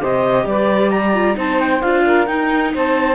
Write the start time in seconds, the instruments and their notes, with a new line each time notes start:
0.00 cello C3, viola G4, saxophone C5, clarinet D#5
0.45 cello G3, saxophone B4, clarinet D5
0.91 saxophone D5, clarinet A#5
1.14 viola F4
1.35 cello C4, viola D#4, saxophone C5, clarinet A5
1.60 clarinet G5
1.82 cello D4, viola F4, clarinet F5
2.06 saxophone A#4
2.27 viola D#4, cello D#4, clarinet G5
2.74 cello C4, saxophone C5, clarinet A5